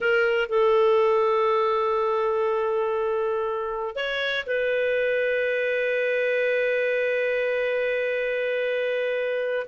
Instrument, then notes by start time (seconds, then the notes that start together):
clarinet
0.00 A#4
0.48 A4
3.95 C#5
4.46 B4